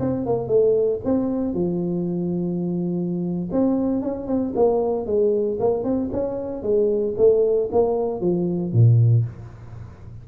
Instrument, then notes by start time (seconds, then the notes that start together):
tuba
0.00 C4
0.26 A#3
0.48 A3
1.05 C4
1.54 F3
3.52 C4
4.02 C#4
4.27 C4
4.55 A#3
5.06 G#3
5.60 A#3
5.84 C4
6.12 C#4
6.62 G#3
7.17 A3
7.72 A#3
8.21 F3
8.73 A#2